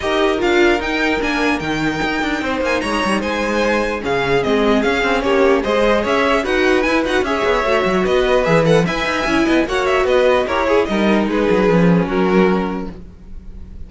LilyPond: <<
  \new Staff \with { instrumentName = "violin" } { \time 4/4 \tempo 4 = 149 dis''4 f''4 g''4 gis''4 | g''2~ g''8 gis''8 ais''4 | gis''2 f''4 dis''4 | f''4 cis''4 dis''4 e''4 |
fis''4 gis''8 fis''8 e''2 | dis''4 e''8 fis''8 gis''2 | fis''8 e''8 dis''4 cis''4 dis''4 | b'2 ais'2 | }
  \new Staff \with { instrumentName = "violin" } { \time 4/4 ais'1~ | ais'2 c''4 cis''4 | c''2 gis'2~ | gis'4 g'4 c''4 cis''4 |
b'2 cis''2 | b'2 e''4. dis''8 | cis''4 b'4 ais'8 gis'8 ais'4 | gis'2 fis'2 | }
  \new Staff \with { instrumentName = "viola" } { \time 4/4 g'4 f'4 dis'4 d'4 | dis'1~ | dis'2 cis'4 c'4 | cis'2 gis'2 |
fis'4 e'8 fis'8 gis'4 fis'4~ | fis'4 gis'8 a'8 b'4 e'4 | fis'2 g'8 gis'8 dis'4~ | dis'4 cis'2. | }
  \new Staff \with { instrumentName = "cello" } { \time 4/4 dis'4 d'4 dis'4 ais4 | dis4 dis'8 d'8 c'8 ais8 gis8 g8 | gis2 cis4 gis4 | cis'8 c'8 ais4 gis4 cis'4 |
dis'4 e'8 dis'8 cis'8 b8 a8 fis8 | b4 e4 e'8 dis'8 cis'8 b8 | ais4 b4 e'4 g4 | gis8 fis8 f4 fis2 | }
>>